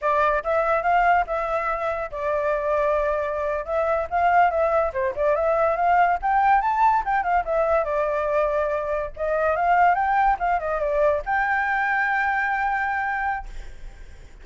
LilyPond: \new Staff \with { instrumentName = "flute" } { \time 4/4 \tempo 4 = 143 d''4 e''4 f''4 e''4~ | e''4 d''2.~ | d''8. e''4 f''4 e''4 c''16~ | c''16 d''8 e''4 f''4 g''4 a''16~ |
a''8. g''8 f''8 e''4 d''4~ d''16~ | d''4.~ d''16 dis''4 f''4 g''16~ | g''8. f''8 dis''8 d''4 g''4~ g''16~ | g''1 | }